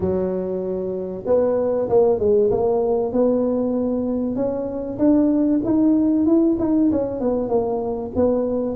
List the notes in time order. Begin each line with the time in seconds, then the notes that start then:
0.00 F#3
1.26 B3
1.89 A#3
2.19 G#3
2.50 A#3
3.12 B3
4.35 C#4
4.98 D4
5.64 D#4
6.26 E4
6.59 D#4
6.91 C#4
7.20 B3
7.48 A#3
8.15 B3